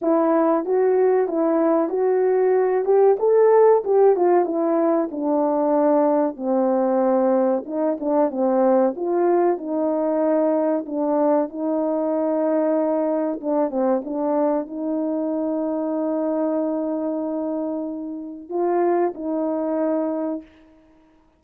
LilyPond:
\new Staff \with { instrumentName = "horn" } { \time 4/4 \tempo 4 = 94 e'4 fis'4 e'4 fis'4~ | fis'8 g'8 a'4 g'8 f'8 e'4 | d'2 c'2 | dis'8 d'8 c'4 f'4 dis'4~ |
dis'4 d'4 dis'2~ | dis'4 d'8 c'8 d'4 dis'4~ | dis'1~ | dis'4 f'4 dis'2 | }